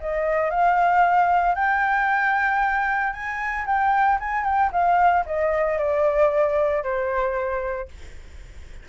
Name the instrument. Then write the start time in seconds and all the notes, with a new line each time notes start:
flute
0.00 D#5
0.50 F5
1.55 G5
3.12 G#5
3.66 G5
4.20 G#5
4.44 G5
4.72 F5
5.25 D#5
5.78 D5
6.83 C5